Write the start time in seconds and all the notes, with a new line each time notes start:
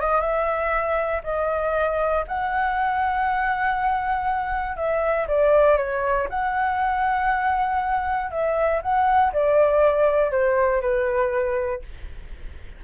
0.00 D#5
0.20 E5
1.23 D#5
2.27 F#5
4.76 E5
5.27 D5
5.77 C#5
6.29 F#5
8.31 E5
8.81 F#5
9.32 D5
10.31 C5
10.81 B4